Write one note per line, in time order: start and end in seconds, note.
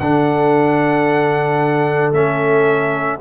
0.00 2.12 D3
0.00 2.14 D4
0.00 3.20 A4
0.00 2.12 F#5
2.12 3.19 A3
2.12 3.20 C#4
2.12 3.20 E5